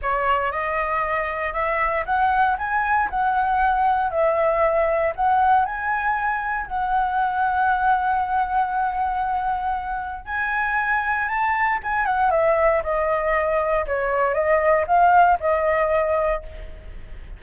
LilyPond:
\new Staff \with { instrumentName = "flute" } { \time 4/4 \tempo 4 = 117 cis''4 dis''2 e''4 | fis''4 gis''4 fis''2 | e''2 fis''4 gis''4~ | gis''4 fis''2.~ |
fis''1 | gis''2 a''4 gis''8 fis''8 | e''4 dis''2 cis''4 | dis''4 f''4 dis''2 | }